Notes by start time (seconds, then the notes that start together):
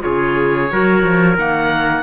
0.00 F4 G#4 C#5
0.06 C#3
0.71 F#3 F#4 A#4
1.04 F3
1.37 D#3 A#3 F#5